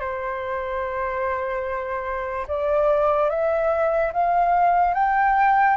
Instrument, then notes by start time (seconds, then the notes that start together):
flute
0.00 C5
2.48 D5
3.30 E5
4.13 F5
4.94 G5